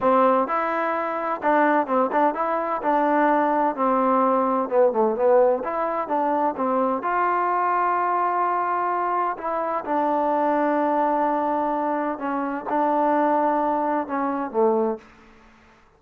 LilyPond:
\new Staff \with { instrumentName = "trombone" } { \time 4/4 \tempo 4 = 128 c'4 e'2 d'4 | c'8 d'8 e'4 d'2 | c'2 b8 a8 b4 | e'4 d'4 c'4 f'4~ |
f'1 | e'4 d'2.~ | d'2 cis'4 d'4~ | d'2 cis'4 a4 | }